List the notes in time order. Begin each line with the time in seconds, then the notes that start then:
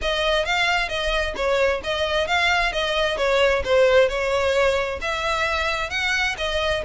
0.01 D#5
0.45 F5
0.88 D#5
1.35 C#5
1.83 D#5
2.27 F5
2.72 D#5
3.17 C#5
3.64 C5
4.08 C#5
5.01 E5
5.90 F#5
6.37 D#5